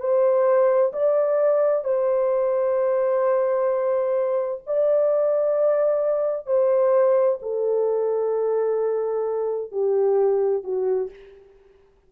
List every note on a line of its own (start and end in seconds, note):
0.00 0.92 C5
0.93 1.85 D5
1.85 4.62 C5
4.67 6.46 D5
6.46 7.38 C5
7.42 9.72 A4
9.72 10.64 G4
10.64 11.10 F#4